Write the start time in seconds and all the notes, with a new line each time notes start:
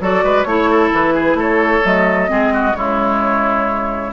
0.00 F#3 F#4 A4 D5
0.23 G#3 B4
0.43 A3 E4 C#5
0.70 A4
0.93 E3 B4
1.14 G#4
1.34 A3 A4
1.41 C#5
1.83 F#3 A3 D#5
2.27 G#3 C4 G#4
2.53 F#4
2.74 C#3 G#3 E4 C#5